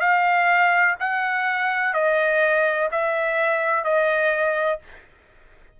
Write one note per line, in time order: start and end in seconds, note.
0.00 0.95 F5
1.00 1.94 F#5
1.94 2.89 D#5
2.91 3.84 E5
3.84 4.79 D#5